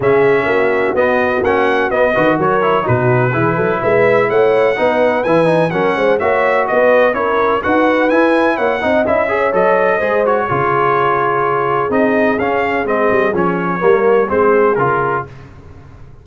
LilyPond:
<<
  \new Staff \with { instrumentName = "trumpet" } { \time 4/4 \tempo 4 = 126 e''2 dis''4 fis''4 | dis''4 cis''4 b'2 | e''4 fis''2 gis''4 | fis''4 e''4 dis''4 cis''4 |
fis''4 gis''4 fis''4 e''4 | dis''4. cis''2~ cis''8~ | cis''4 dis''4 f''4 dis''4 | cis''2 c''4 ais'4 | }
  \new Staff \with { instrumentName = "horn" } { \time 4/4 gis'4 fis'2.~ | fis'8 b'8 ais'4 fis'4 gis'8 a'8 | b'4 cis''4 b'2 | ais'8 c''8 cis''4 b'4 ais'4 |
b'2 cis''8 dis''4 cis''8~ | cis''4 c''4 gis'2~ | gis'1~ | gis'4 ais'4 gis'2 | }
  \new Staff \with { instrumentName = "trombone" } { \time 4/4 cis'2 b4 cis'4 | b8 fis'4 e'8 dis'4 e'4~ | e'2 dis'4 e'8 dis'8 | cis'4 fis'2 e'4 |
fis'4 e'4. dis'8 e'8 gis'8 | a'4 gis'8 fis'8 f'2~ | f'4 dis'4 cis'4 c'4 | cis'4 ais4 c'4 f'4 | }
  \new Staff \with { instrumentName = "tuba" } { \time 4/4 cis4 ais4 b4 ais4 | b8 dis8 fis4 b,4 e8 fis8 | gis4 a4 b4 e4 | fis8 gis8 ais4 b4 cis'4 |
dis'4 e'4 ais8 c'8 cis'4 | fis4 gis4 cis2~ | cis4 c'4 cis'4 gis8 g8 | f4 g4 gis4 cis4 | }
>>